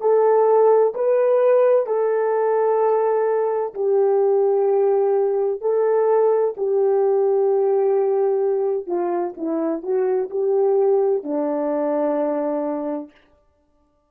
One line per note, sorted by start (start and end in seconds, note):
0.00 0.94 A4
0.94 1.86 B4
1.86 3.74 A4
3.74 5.61 G4
5.61 6.55 A4
6.57 8.87 G4
8.87 9.34 F4
9.37 9.82 E4
9.82 10.29 F#4
10.30 11.23 G4
11.23 13.11 D4